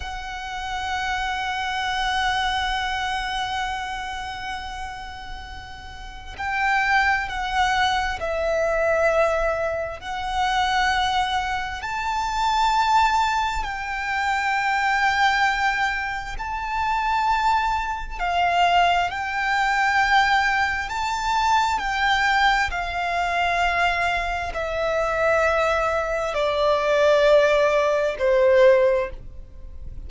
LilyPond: \new Staff \with { instrumentName = "violin" } { \time 4/4 \tempo 4 = 66 fis''1~ | fis''2. g''4 | fis''4 e''2 fis''4~ | fis''4 a''2 g''4~ |
g''2 a''2 | f''4 g''2 a''4 | g''4 f''2 e''4~ | e''4 d''2 c''4 | }